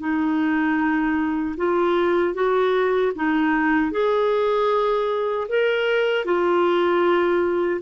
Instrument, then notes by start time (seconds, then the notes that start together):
clarinet
0.00 D#4
1.57 F4
2.34 F#4
3.16 D#4
3.92 G#4
5.49 A#4
6.26 F4